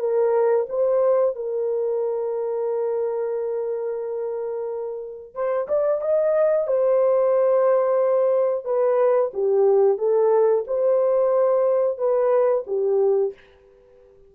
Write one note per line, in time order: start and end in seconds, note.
0.00 0.67 A#4
0.69 1.36 C5
1.36 5.35 A#4
5.35 5.68 C5
5.69 6.02 D5
6.02 6.68 D#5
6.68 8.65 C5
8.65 9.32 B4
9.34 9.99 G4
9.99 10.65 A4
10.68 11.98 C5
11.98 12.65 B4
12.67 13.34 G4